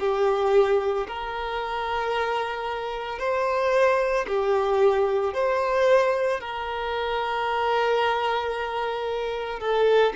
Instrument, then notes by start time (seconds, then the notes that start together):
violin
0.00 G4
1.08 A#4
3.19 C5
4.28 G4
5.34 C5
6.40 A#4
9.60 A4